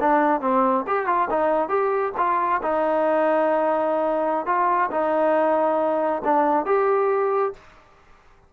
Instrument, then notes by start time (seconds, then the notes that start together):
trombone
0.00 D4
0.41 C4
0.87 G4
1.06 F4
1.30 D#4
1.69 G4
2.17 F4
2.62 D#4
4.46 F4
4.91 D#4
6.24 D4
6.65 G4